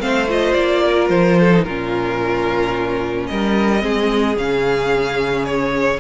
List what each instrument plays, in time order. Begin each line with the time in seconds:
0.00 cello A3, viola C4, violin C5 F5
0.28 viola F4, violin D#5
0.54 cello A#3, violin D5
0.86 violin A#4
1.09 cello F3, violin C5
1.40 violin A4
1.53 viola D#4
1.64 cello A#2, viola C#4, violin F4 A#4
3.27 cello G3, violin A#4 D#5
3.80 cello G#3, viola C4, violin G#4
4.37 cello C#3, viola C#4, violin F5
5.45 violin C#5